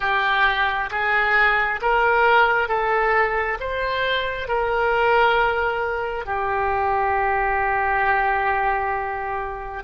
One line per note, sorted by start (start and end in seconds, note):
0.00 0.90 G4
0.90 1.80 G#4
1.82 2.68 A#4
2.68 3.57 A4
3.60 4.48 C5
4.48 6.25 A#4
6.25 9.83 G4